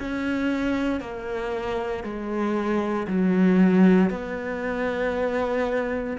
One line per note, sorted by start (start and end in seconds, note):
0.00 1.01 C#4
1.01 2.04 A#3
2.04 3.08 G#3
3.08 4.11 F#3
4.11 6.17 B3